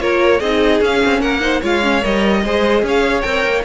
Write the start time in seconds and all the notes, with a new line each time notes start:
0.00 A#3 F4 A#4 C#5
0.40 C4 D#4 G#4 D#5
0.81 C#4 F5
1.05 C4
1.20 A#3 A#4 F#5
1.40 D#4 C5
1.61 G#3 F4 C#5 F5
1.83 C#4
2.02 G3 A#4 D#5
2.44 G#3 G#4 C5
2.82 C#4 C#5 F5
3.22 C4 A#4 G5
3.45 A#3